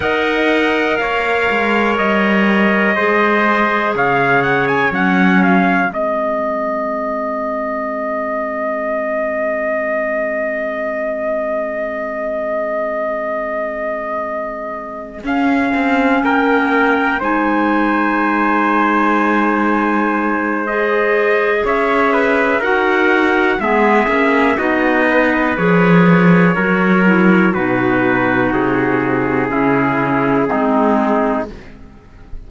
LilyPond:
<<
  \new Staff \with { instrumentName = "trumpet" } { \time 4/4 \tempo 4 = 61 fis''4 f''4 dis''2 | f''8 fis''16 gis''16 fis''8 f''8 dis''2~ | dis''1~ | dis''2.~ dis''8 f''8~ |
f''8 g''4 gis''2~ gis''8~ | gis''4 dis''4 e''4 fis''4 | e''4 dis''4 cis''2 | b'4 gis'2. | }
  \new Staff \with { instrumentName = "trumpet" } { \time 4/4 dis''4 cis''2 c''4 | cis''2 gis'2~ | gis'1~ | gis'1~ |
gis'8 ais'4 c''2~ c''8~ | c''2 cis''8 b'8 ais'4 | gis'4 fis'8 b'4. ais'4 | fis'2 e'4 dis'4 | }
  \new Staff \with { instrumentName = "clarinet" } { \time 4/4 ais'2. gis'4~ | gis'4 cis'4 c'2~ | c'1~ | c'2.~ c'8 cis'8~ |
cis'4. dis'2~ dis'8~ | dis'4 gis'2 fis'4 | b8 cis'8 dis'4 gis'4 fis'8 e'8 | dis'2 cis'4 c'4 | }
  \new Staff \with { instrumentName = "cello" } { \time 4/4 dis'4 ais8 gis8 g4 gis4 | cis4 fis4 gis2~ | gis1~ | gis2.~ gis8 cis'8 |
c'8 ais4 gis2~ gis8~ | gis2 cis'4 dis'4 | gis8 ais8 b4 f4 fis4 | b,4 c4 cis4 gis4 | }
>>